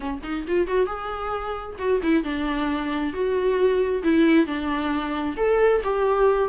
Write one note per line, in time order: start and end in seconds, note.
0.00 0.19 C#4
0.23 0.45 D#4
0.47 0.67 F4
0.67 0.86 F#4
0.86 1.76 G#4
1.78 2.00 F#4
2.03 2.23 E4
2.23 3.13 D4
3.13 4.02 F#4
4.03 4.46 E4
4.46 5.35 D4
5.36 5.81 A4
5.83 6.49 G4